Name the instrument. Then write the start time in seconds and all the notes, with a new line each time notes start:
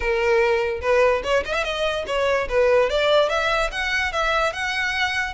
violin
0.00 A#4
0.81 B4
1.23 C#5
1.45 D#5
1.53 E5
1.64 D#5
2.07 C#5
2.49 B4
2.89 D5
3.29 E5
3.71 F#5
4.12 E5
4.52 F#5